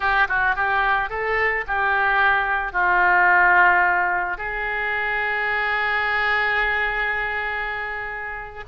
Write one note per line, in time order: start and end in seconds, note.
0.00 0.27 G4
0.28 0.55 F#4
0.55 1.09 G4
1.09 1.64 A4
1.67 2.72 G4
2.72 4.37 F4
4.37 8.64 G#4